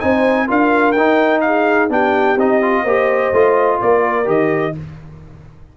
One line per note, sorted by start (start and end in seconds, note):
0.00 0.50 C4
0.00 0.48 D#4
0.00 0.48 C5
0.00 0.48 G#5
0.48 0.97 D4
0.48 0.95 F4
0.48 1.44 A#4
0.48 0.92 F5
0.92 1.90 D#4
0.92 1.40 G5
1.41 1.92 G#4
1.41 1.89 F5
1.90 2.37 B3
1.90 2.38 D4
1.90 2.83 G4
1.90 2.40 G5
2.37 2.84 C4
2.37 2.62 D#4
2.37 3.82 D#5
2.62 2.86 F4
2.83 3.32 A#3
2.83 3.34 G4
2.83 3.79 C5
3.33 3.81 A3
3.33 4.25 F4
3.81 4.28 A#3
3.81 4.76 A#4
3.81 4.29 D5
4.25 4.75 D#3
4.25 4.73 G4
4.25 4.77 D#5